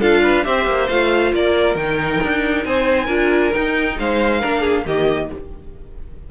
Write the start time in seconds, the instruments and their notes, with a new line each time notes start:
0.00 cello D4, viola F4, violin A4 F5
0.23 violin B4
0.44 cello C4, viola G4, violin C5 E5
0.67 cello A#3
0.89 cello A3, viola F4, violin F5
1.33 cello A#3, violin A#4 D5
1.75 cello D#3, viola D#4, violin G5
2.24 cello D4
2.65 cello C4, violin C5 G#5
3.06 cello D4, viola F4, violin A#4
3.54 viola D#4, cello D#4, violin G5
3.99 cello G#3, violin C5 F5
4.41 cello A#3, viola D4, violin A#4
4.61 violin G#4
4.86 cello D#3, viola A#3, violin G4 D#5